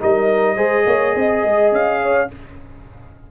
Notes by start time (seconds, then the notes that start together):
0.00 G3 D#4 A#4 D#5
0.56 G#3 G#4 C5
0.86 A#3 C#5
1.15 C4 D#5
1.44 G#3
1.72 C#4 F5
2.03 C#5